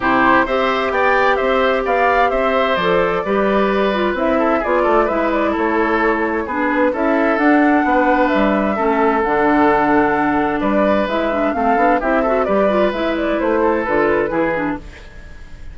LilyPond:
<<
  \new Staff \with { instrumentName = "flute" } { \time 4/4 \tempo 4 = 130 c''4 e''4 g''4 e''4 | f''4 e''4 d''2~ | d''4 e''4 d''4 e''8 d''8 | cis''2 b'4 e''4 |
fis''2 e''2 | fis''2. d''4 | e''4 f''4 e''4 d''4 | e''8 d''8 c''4 b'2 | }
  \new Staff \with { instrumentName = "oboe" } { \time 4/4 g'4 c''4 d''4 c''4 | d''4 c''2 b'4~ | b'4. a'8 gis'8 a'8 b'4 | a'2 gis'4 a'4~ |
a'4 b'2 a'4~ | a'2. b'4~ | b'4 a'4 g'8 a'8 b'4~ | b'4. a'4. gis'4 | }
  \new Staff \with { instrumentName = "clarinet" } { \time 4/4 e'4 g'2.~ | g'2 a'4 g'4~ | g'8 f'8 e'4 f'4 e'4~ | e'2 d'4 e'4 |
d'2. cis'4 | d'1 | e'8 d'8 c'8 d'8 e'8 fis'8 g'8 f'8 | e'2 f'4 e'8 d'8 | }
  \new Staff \with { instrumentName = "bassoon" } { \time 4/4 c4 c'4 b4 c'4 | b4 c'4 f4 g4~ | g4 c'4 b8 a8 gis4 | a2 b4 cis'4 |
d'4 b4 g4 a4 | d2. g4 | gis4 a8 b8 c'4 g4 | gis4 a4 d4 e4 | }
>>